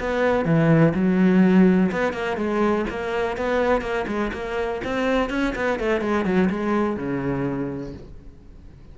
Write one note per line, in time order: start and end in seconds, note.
0.00 0.45 B3
0.45 0.93 E3
0.94 1.91 F#3
1.92 2.13 B3
2.13 2.37 A#3
2.37 2.85 G#3
2.90 3.37 A#3
3.37 3.81 B3
3.81 4.06 A#3
4.08 4.32 G#3
4.33 4.82 A#3
4.85 5.30 C4
5.30 5.54 C#4
5.56 5.80 B3
5.80 6.01 A3
6.01 6.25 G#3
6.25 6.49 F#3
6.50 6.97 G#3
6.97 7.94 C#3